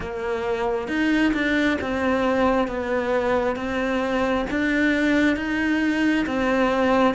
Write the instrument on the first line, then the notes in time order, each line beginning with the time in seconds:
cello
0.00 A#3
0.88 D#4
1.33 D4
1.81 C4
2.67 B3
3.56 C4
4.50 D4
5.36 D#4
6.26 C4